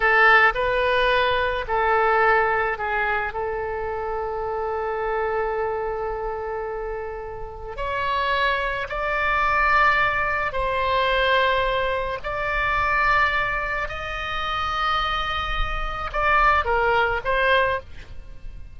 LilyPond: \new Staff \with { instrumentName = "oboe" } { \time 4/4 \tempo 4 = 108 a'4 b'2 a'4~ | a'4 gis'4 a'2~ | a'1~ | a'2 cis''2 |
d''2. c''4~ | c''2 d''2~ | d''4 dis''2.~ | dis''4 d''4 ais'4 c''4 | }